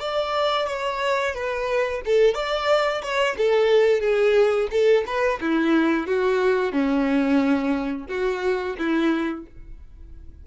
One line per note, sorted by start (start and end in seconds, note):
0.00 0.67 D5
0.67 1.35 C#5
1.35 2.02 B4
2.06 2.35 A4
2.35 3.02 D5
3.02 3.36 C#5
3.38 4.01 A4
4.01 4.68 G#4
4.71 5.04 A4
5.07 5.40 B4
5.41 6.07 E4
6.07 6.73 F#4
6.73 8.07 C#4
8.09 8.76 F#4
8.79 9.46 E4